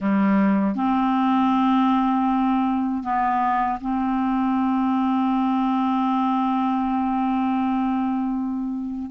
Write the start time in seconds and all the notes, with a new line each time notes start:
0.00 G3
0.75 C4
3.03 B3
3.80 C4